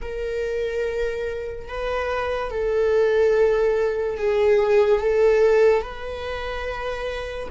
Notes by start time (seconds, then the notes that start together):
0.02 A#4
1.68 B4
2.50 A4
4.17 G#4
5.00 A4
5.81 B4